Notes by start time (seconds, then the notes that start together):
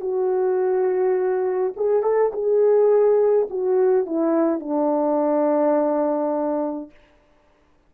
0.00 F#4
1.76 G#4
2.02 A4
2.32 G#4
3.50 F#4
4.06 E4
4.59 D4